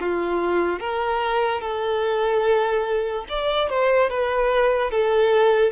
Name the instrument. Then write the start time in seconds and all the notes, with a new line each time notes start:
violin
0.00 F4
0.80 A#4
1.61 A4
3.30 D5
3.70 C5
4.10 B4
4.91 A4